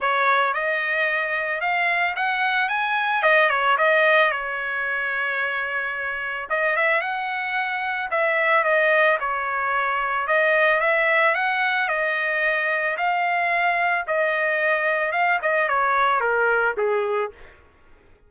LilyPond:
\new Staff \with { instrumentName = "trumpet" } { \time 4/4 \tempo 4 = 111 cis''4 dis''2 f''4 | fis''4 gis''4 dis''8 cis''8 dis''4 | cis''1 | dis''8 e''8 fis''2 e''4 |
dis''4 cis''2 dis''4 | e''4 fis''4 dis''2 | f''2 dis''2 | f''8 dis''8 cis''4 ais'4 gis'4 | }